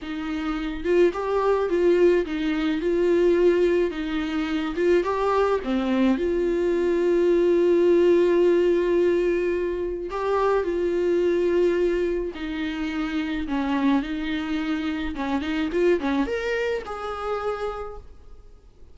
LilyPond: \new Staff \with { instrumentName = "viola" } { \time 4/4 \tempo 4 = 107 dis'4. f'8 g'4 f'4 | dis'4 f'2 dis'4~ | dis'8 f'8 g'4 c'4 f'4~ | f'1~ |
f'2 g'4 f'4~ | f'2 dis'2 | cis'4 dis'2 cis'8 dis'8 | f'8 cis'8 ais'4 gis'2 | }